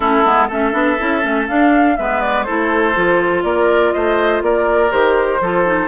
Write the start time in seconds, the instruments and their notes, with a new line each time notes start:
0.00 bassoon A3, clarinet C#4, oboe E4, flute A4
0.24 bassoon G#3, clarinet B3
0.47 bassoon A3, clarinet C#4, oboe A4, flute E5
0.72 bassoon B3, clarinet D4
0.99 bassoon C#4, clarinet E4
1.22 bassoon A3, clarinet C#4
1.47 clarinet D4, bassoon D4, flute F5
1.96 bassoon G#3, clarinet B3, oboe B4, flute E5
2.21 flute D5
2.43 bassoon A3, clarinet E4, oboe A4, flute C5
2.94 bassoon F3, clarinet F4
3.43 bassoon A#3, oboe A#4, flute D5
3.92 bassoon A3, oboe C5, flute D#5
4.41 bassoon A#3, oboe A#4, flute D5
4.90 bassoon D#3, clarinet G4, flute C5
5.40 bassoon F3, clarinet F4, oboe A4
5.65 clarinet D#4